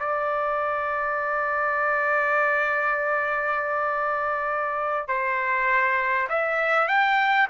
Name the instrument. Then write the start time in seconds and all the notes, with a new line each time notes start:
trumpet
0.00 D5
5.09 C5
6.30 E5
6.88 G5